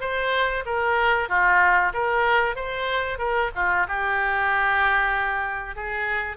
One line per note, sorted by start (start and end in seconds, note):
0.00 0.64 C5
0.66 1.29 A#4
1.29 1.92 F4
1.94 2.56 A#4
2.56 3.18 C5
3.18 3.50 A#4
3.55 3.87 F4
3.88 5.75 G4
5.75 6.37 G#4